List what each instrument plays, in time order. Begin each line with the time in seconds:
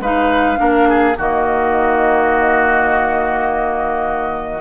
0.00 bassoon G#3, clarinet D#4, oboe B4, flute F5
0.57 bassoon A#3, clarinet D4, oboe A#4
0.89 oboe G#4
1.17 bassoon D#3, clarinet A#3, oboe F#4, flute D#5